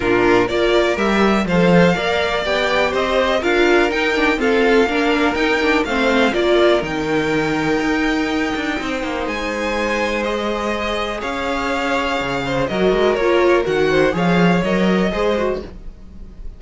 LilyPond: <<
  \new Staff \with { instrumentName = "violin" } { \time 4/4 \tempo 4 = 123 ais'4 d''4 e''4 f''4~ | f''4 g''4 dis''4 f''4 | g''4 f''2 g''4 | f''4 d''4 g''2~ |
g''2. gis''4~ | gis''4 dis''2 f''4~ | f''2 dis''4 cis''4 | fis''4 f''4 dis''2 | }
  \new Staff \with { instrumentName = "violin" } { \time 4/4 f'4 ais'2 c''4 | d''2 c''4 ais'4~ | ais'4 a'4 ais'2 | c''4 ais'2.~ |
ais'2 c''2~ | c''2. cis''4~ | cis''4. c''8 ais'2~ | ais'8 c''8 cis''2 c''4 | }
  \new Staff \with { instrumentName = "viola" } { \time 4/4 d'4 f'4 g'4 a'4 | ais'4 g'2 f'4 | dis'8 d'8 c'4 d'4 dis'8 d'8 | c'4 f'4 dis'2~ |
dis'1~ | dis'4 gis'2.~ | gis'2 fis'4 f'4 | fis'4 gis'4 ais'4 gis'8 fis'8 | }
  \new Staff \with { instrumentName = "cello" } { \time 4/4 ais,4 ais4 g4 f4 | ais4 b4 c'4 d'4 | dis'4 f'4 ais4 dis'4 | a4 ais4 dis2 |
dis'4. d'8 c'8 ais8 gis4~ | gis2. cis'4~ | cis'4 cis4 fis8 gis8 ais4 | dis4 f4 fis4 gis4 | }
>>